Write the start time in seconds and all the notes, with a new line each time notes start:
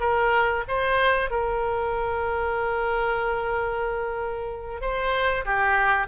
0.00 A#4
0.68 C5
1.30 A#4
4.81 C5
5.45 G4